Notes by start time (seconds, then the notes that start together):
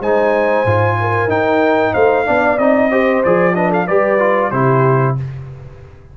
0.00 G#3 D#4 C5 G#5
0.65 G#2 F4
1.01 A#4
1.28 D#4 G5
1.93 A3 C5 F5
2.25 B3 D4 D5
2.58 C4 D#4 D#5
2.90 G4 C5
3.24 F3 G#4 D5
3.54 D4 B4 D#5
3.69 A4 F5
3.87 G3 G4 B4 D5
4.19 F4
4.51 C3 E4 G4 C5